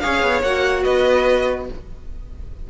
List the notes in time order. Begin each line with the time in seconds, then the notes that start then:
0.00 C#4 G#4 C#5 F5
0.22 B3
0.43 A#3 F#4 F#5
0.83 B3 B4 D#5